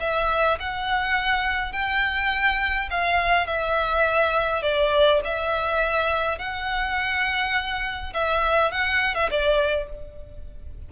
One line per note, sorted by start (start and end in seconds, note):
0.00 0.58 E5
0.60 1.73 F#5
1.73 2.89 G5
2.90 3.47 F5
3.47 4.63 E5
4.63 5.21 D5
5.25 6.39 E5
6.39 8.13 F#5
8.14 8.71 E5
8.71 9.15 F#5
9.15 9.29 E5
9.30 9.89 D5